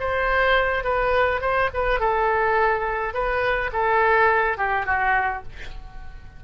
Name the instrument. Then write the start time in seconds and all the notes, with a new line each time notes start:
oboe
0.00 C5
0.84 B4
1.41 C5
1.74 B4
2.00 A4
3.14 B4
3.72 A4
4.57 G4
4.86 F#4